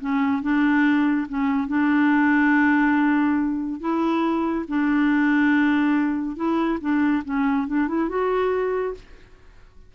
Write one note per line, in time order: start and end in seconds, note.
0.00 0.42 C#4
0.42 1.27 D4
1.28 1.68 C#4
1.68 3.80 D4
3.80 4.65 E4
4.68 6.36 D4
6.36 6.79 E4
6.80 7.23 D4
7.25 7.67 C#4
7.67 7.87 D4
7.87 8.09 E4
8.09 8.94 F#4